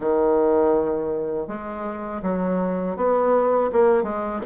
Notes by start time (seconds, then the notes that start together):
0.00 D#3
1.47 G#3
2.22 F#3
2.96 B3
3.72 A#3
4.03 G#3